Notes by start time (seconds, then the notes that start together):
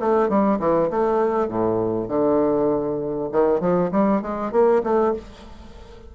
0.00 A3
0.29 G3
0.60 E3
0.90 A3
1.48 A2
2.08 D3
3.32 D#3
3.61 F3
3.92 G3
4.22 G#3
4.52 A#3
4.84 A3